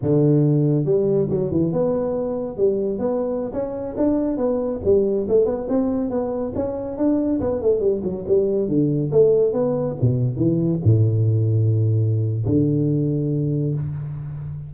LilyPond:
\new Staff \with { instrumentName = "tuba" } { \time 4/4 \tempo 4 = 140 d2 g4 fis8 e8 | b2 g4 b4~ | b16 cis'4 d'4 b4 g8.~ | g16 a8 b8 c'4 b4 cis'8.~ |
cis'16 d'4 b8 a8 g8 fis8 g8.~ | g16 d4 a4 b4 b,8.~ | b,16 e4 a,2~ a,8.~ | a,4 d2. | }